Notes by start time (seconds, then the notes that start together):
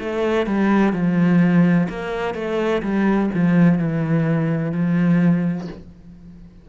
0.00 A3
0.47 G3
0.93 F3
1.90 A#3
2.35 A3
2.83 G3
3.35 F3
3.79 E3
4.73 F3